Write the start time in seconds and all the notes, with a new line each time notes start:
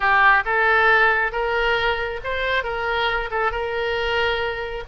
0.00 G4
0.45 A4
1.32 A#4
2.24 C5
2.63 A#4
3.30 A4
3.51 A#4